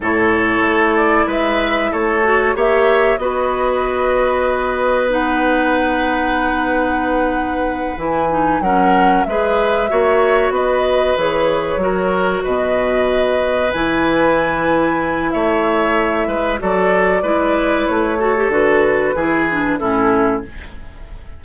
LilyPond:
<<
  \new Staff \with { instrumentName = "flute" } { \time 4/4 \tempo 4 = 94 cis''4. d''8 e''4 cis''4 | e''4 dis''2. | fis''1~ | fis''8 gis''4 fis''4 e''4.~ |
e''8 dis''4 cis''2 dis''8~ | dis''4. gis''2~ gis''8 | e''2 d''2 | cis''4 b'2 a'4 | }
  \new Staff \with { instrumentName = "oboe" } { \time 4/4 a'2 b'4 a'4 | cis''4 b'2.~ | b'1~ | b'4. ais'4 b'4 cis''8~ |
cis''8 b'2 ais'4 b'8~ | b'1 | cis''4. b'8 a'4 b'4~ | b'8 a'4. gis'4 e'4 | }
  \new Staff \with { instrumentName = "clarinet" } { \time 4/4 e'2.~ e'8 fis'8 | g'4 fis'2. | dis'1~ | dis'8 e'8 dis'8 cis'4 gis'4 fis'8~ |
fis'4. gis'4 fis'4.~ | fis'4. e'2~ e'8~ | e'2 fis'4 e'4~ | e'8 fis'16 g'16 fis'4 e'8 d'8 cis'4 | }
  \new Staff \with { instrumentName = "bassoon" } { \time 4/4 a,4 a4 gis4 a4 | ais4 b2.~ | b1~ | b8 e4 fis4 gis4 ais8~ |
ais8 b4 e4 fis4 b,8~ | b,4. e2~ e8 | a4. gis8 fis4 gis4 | a4 d4 e4 a,4 | }
>>